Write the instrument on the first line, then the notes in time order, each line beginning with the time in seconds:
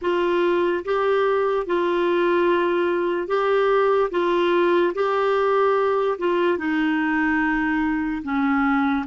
clarinet
0.01 F4
0.84 G4
1.66 F4
3.27 G4
4.11 F4
4.94 G4
6.18 F4
6.58 D#4
8.23 C#4